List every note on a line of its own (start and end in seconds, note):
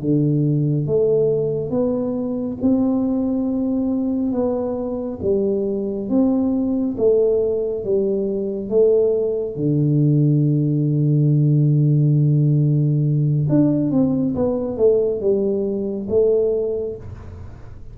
0.00 0.86 D3
0.86 1.70 A3
1.70 2.57 B3
2.62 4.32 C4
4.32 5.19 B3
5.22 6.09 G3
6.09 6.96 C4
6.97 7.84 A3
7.84 8.69 G3
8.69 9.56 A3
9.56 13.47 D3
13.49 13.91 D4
13.91 14.34 C4
14.35 14.77 B3
14.77 15.20 A3
15.20 16.07 G3
16.09 16.96 A3